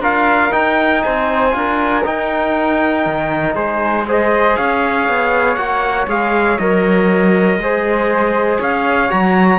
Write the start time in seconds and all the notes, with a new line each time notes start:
0.00 D4 F4 A#4 F5
0.51 D#4 G5
1.03 C4 C5 G#5
1.52 D4 F4 A#4
2.05 D#4 G5
3.06 D#3
3.55 G#3 G#4 C5
4.08 G#4 C5 D#5
4.57 C#4 C#5 F5
5.09 B3
5.55 A#3 F#4 F#5
6.08 G#3 G#4 F5
6.59 F#3 A#4 D#5
7.58 G#3 G#4 C5
8.60 C#4 C#5 F5
9.10 F#3 F#4 A#5